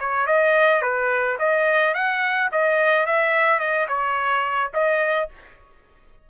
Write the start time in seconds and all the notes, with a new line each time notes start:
0.00 C#5
0.27 D#5
0.82 B4
1.39 D#5
1.94 F#5
2.52 D#5
3.06 E5
3.59 D#5
3.88 C#5
4.74 D#5